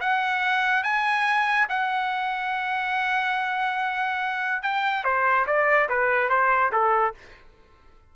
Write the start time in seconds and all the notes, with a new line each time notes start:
0.00 F#5
0.83 G#5
1.69 F#5
4.62 G5
5.04 C5
5.46 D5
5.89 B4
6.29 C5
6.72 A4